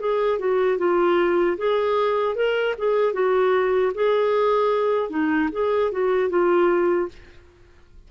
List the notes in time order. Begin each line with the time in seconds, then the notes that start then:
0.00 G#4
0.38 F#4
0.78 F4
1.58 G#4
2.35 A#4
2.78 G#4
3.13 F#4
3.94 G#4
5.10 D#4
5.52 G#4
5.92 F#4
6.29 F4